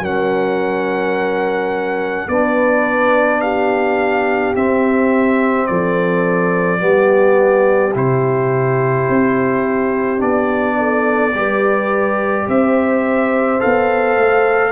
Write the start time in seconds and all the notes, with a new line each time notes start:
0.00 F#3 C#4 A#4 F#5
2.28 B3 D4 B4 D5
3.41 G4 F5
4.55 C4 E5
5.67 F3 A4 D5
6.79 G3 B3 G4
7.94 C3 E4 C5
9.09 C4
10.18 B3 D4 D5
10.78 A4
11.34 G3 G4 B4
12.47 C4 C5 E5
13.60 B3 A4 F5
14.17 A3